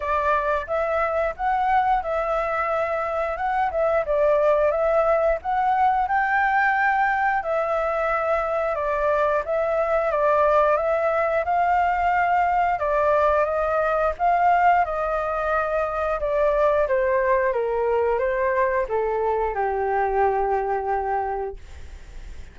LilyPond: \new Staff \with { instrumentName = "flute" } { \time 4/4 \tempo 4 = 89 d''4 e''4 fis''4 e''4~ | e''4 fis''8 e''8 d''4 e''4 | fis''4 g''2 e''4~ | e''4 d''4 e''4 d''4 |
e''4 f''2 d''4 | dis''4 f''4 dis''2 | d''4 c''4 ais'4 c''4 | a'4 g'2. | }